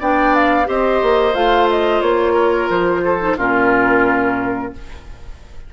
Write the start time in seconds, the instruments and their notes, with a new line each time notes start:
0.00 bassoon B3, clarinet D4, oboe D5, flute G5
0.35 flute F5
0.65 bassoon C4, clarinet G4, oboe C5, flute D#5
1.02 bassoon A#3
1.34 bassoon A3, clarinet F4, flute F5
1.70 flute D#5
2.02 bassoon A#3, flute C#5
2.34 oboe A#4
2.70 bassoon F3, flute C5
3.05 oboe A4
3.20 clarinet D#4
3.38 bassoon A#2, clarinet C#4, oboe F4, flute A#4